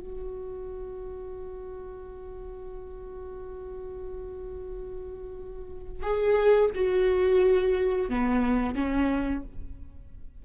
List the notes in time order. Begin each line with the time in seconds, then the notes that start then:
0.00 F#4
6.03 G#4
6.75 F#4
8.09 B3
8.75 C#4